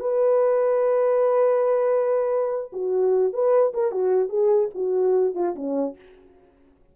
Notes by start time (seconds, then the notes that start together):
0.00 B4
2.73 F#4
3.33 B4
3.74 A#4
3.92 F#4
4.29 G#4
4.75 F#4
5.35 F4
5.56 C#4